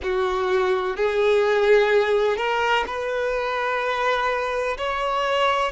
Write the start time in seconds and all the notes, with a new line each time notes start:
0.03 F#4
0.96 G#4
2.36 A#4
2.87 B4
4.77 C#5